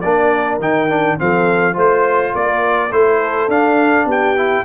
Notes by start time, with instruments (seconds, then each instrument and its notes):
0.00 tuba A#3, trombone D4, horn A#4, trumpet D5
0.59 tuba D#3, trombone D#4, trumpet G5
0.89 trombone D4
1.18 tuba F3, trombone C4, horn A4, trumpet F5
1.73 tuba A3, trombone F4, horn C5, trumpet C5
2.34 tuba A#3, horn A#4, trumpet D5
2.91 tuba A3, trombone E4, horn A4, trumpet C5
3.48 tuba D4, trombone D4, trumpet F5
4.05 tuba B3, horn G4, trumpet G5
4.36 trombone E4